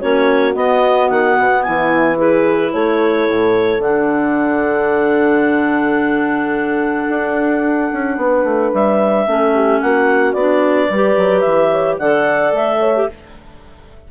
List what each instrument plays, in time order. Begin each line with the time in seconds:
0.00 bassoon A#3, clarinet C#4 C#5, horn F#4
0.54 clarinet B3 D#5, bassoon B3
1.10 bassoon D#3, clarinet F#5
1.39 bassoon B2
1.63 bassoon E3, horn E4, clarinet G#5
2.17 clarinet E4 B4, horn G#4
2.74 bassoon A3, horn A4, clarinet C#5
3.30 bassoon A2
3.79 bassoon D3, clarinet D4 F#5
7.10 bassoon D4
7.93 bassoon C#4
8.17 bassoon B3, horn B4
8.44 bassoon A3
8.74 bassoon G3, clarinet E5
9.28 bassoon A3, clarinet C#4, horn A4
9.55 horn G4
9.81 bassoon A#3, horn F#4, clarinet F#5
10.34 bassoon B3, clarinet D4 D5
10.89 bassoon G3, clarinet G4, horn B4
11.18 bassoon F#3
11.41 bassoon E3, clarinet E5
11.72 horn C#5
11.99 bassoon D3, clarinet A4 F#5, horn D5
12.52 bassoon A3, clarinet E5
12.80 horn C#5
12.96 clarinet G4